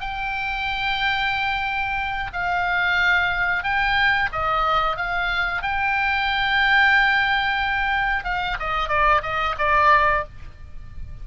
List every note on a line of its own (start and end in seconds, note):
0.00 2.31 G5
2.33 3.63 F5
3.63 4.29 G5
4.32 4.96 D#5
4.96 5.62 F5
5.62 8.24 G5
8.24 8.57 F5
8.59 8.88 D#5
8.88 9.21 D5
9.22 9.55 D#5
9.58 10.24 D5